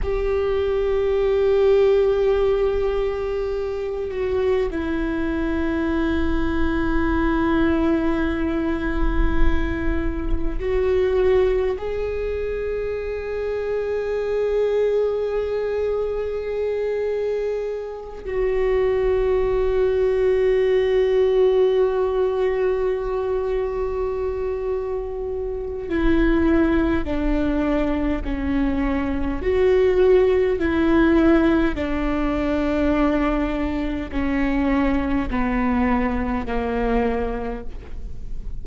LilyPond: \new Staff \with { instrumentName = "viola" } { \time 4/4 \tempo 4 = 51 g'2.~ g'8 fis'8 | e'1~ | e'4 fis'4 gis'2~ | gis'2.~ gis'8 fis'8~ |
fis'1~ | fis'2 e'4 d'4 | cis'4 fis'4 e'4 d'4~ | d'4 cis'4 b4 ais4 | }